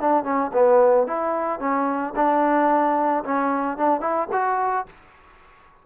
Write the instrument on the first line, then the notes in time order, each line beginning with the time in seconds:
trombone
0.00 D4
0.24 C#4
0.52 B3
1.07 E4
1.59 C#4
2.15 D4
3.24 C#4
3.77 D4
4.00 E4
4.32 F#4